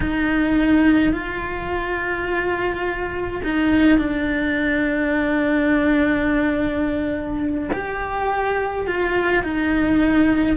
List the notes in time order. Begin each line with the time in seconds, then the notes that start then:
0.00 D#4
1.12 F4
3.43 D#4
3.98 D4
7.72 G4
8.86 F4
9.43 D#4